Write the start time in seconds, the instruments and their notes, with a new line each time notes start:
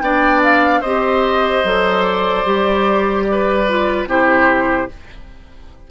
0.00 bassoon B3, clarinet D4, oboe D5, flute G5
0.43 flute F5
0.80 bassoon C4, clarinet G4, oboe C5, flute D#5
1.63 bassoon F#3, clarinet A4
2.03 flute D5
2.45 bassoon G3, clarinet G4
3.31 oboe B4
3.68 clarinet F4
4.06 bassoon C3, clarinet E4, oboe G4, flute C5